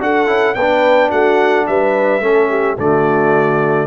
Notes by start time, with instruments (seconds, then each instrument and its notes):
0.00 tuba D4, trombone F#4, horn A4, trumpet F#5
0.27 tuba C#4, trombone E4
0.55 tuba B3, horn B4, trumpet G5
0.61 trombone D4
1.10 tuba A3, horn F#4, trumpet F#5
1.67 tuba G3, horn B4, trumpet E5
2.21 tuba A3, trombone C#4, horn A4
2.50 horn G4
2.78 tuba D3, trombone A3, horn F#4, trumpet D5